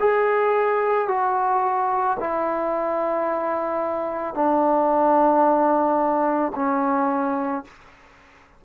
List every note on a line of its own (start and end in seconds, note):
0.00 1.09 G#4
1.09 2.18 F#4
2.20 4.34 E4
4.34 6.53 D4
6.56 7.65 C#4